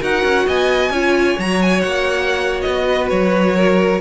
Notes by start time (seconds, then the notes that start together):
0.00 D#4 F#4 A#4 F#5
0.24 C#4
0.47 B3 D#5 G#5
0.90 C#4 F4 C#5
1.38 F#3 F#4 A#5
1.62 G#5
1.81 A#3 F#5
2.62 B3 D#5
2.88 B4
3.10 F#3 C#5
3.56 A#4